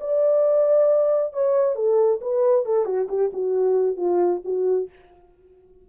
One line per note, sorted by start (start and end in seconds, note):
0.00 1.33 D5
1.33 1.75 C#5
1.75 2.20 A4
2.21 2.65 B4
2.65 2.85 A4
2.85 3.07 F#4
3.08 3.31 G4
3.33 3.96 F#4
3.96 4.41 F4
4.44 4.89 F#4